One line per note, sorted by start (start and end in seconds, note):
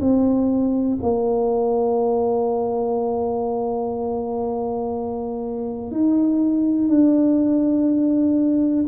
0.00 0.98 C4
1.03 5.92 A#3
5.92 6.89 D#4
6.89 8.85 D4